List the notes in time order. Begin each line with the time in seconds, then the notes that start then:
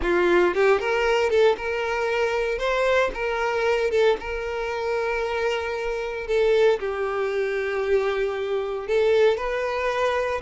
0.02 F4
0.54 G4
0.80 A#4
1.30 A4
1.57 A#4
2.58 C5
3.14 A#4
3.90 A4
4.20 A#4
6.27 A4
6.79 G4
8.87 A4
9.37 B4